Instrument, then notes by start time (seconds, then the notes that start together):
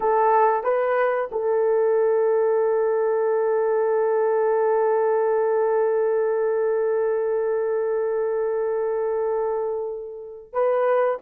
horn
0.00 A4
0.63 B4
1.31 A4
10.52 B4